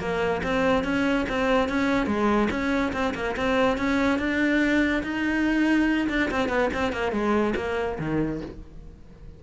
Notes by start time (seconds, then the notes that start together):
0.00 A#3
0.43 C4
0.84 C#4
1.29 C4
1.69 C#4
2.07 G#3
2.51 C#4
2.93 C4
3.15 A#3
3.37 C4
3.78 C#4
4.19 D4
5.04 D#4
6.10 D4
6.31 C4
6.49 B3
6.74 C4
6.93 A#3
7.12 G#3
7.57 A#3
8.00 D#3